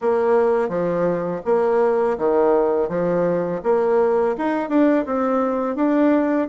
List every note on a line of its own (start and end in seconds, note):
0.01 0.69 A#3
0.69 1.41 F3
1.45 2.17 A#3
2.18 2.88 D#3
2.88 3.61 F3
3.63 4.35 A#3
4.37 4.69 D#4
4.69 5.05 D4
5.05 5.75 C4
5.75 6.47 D4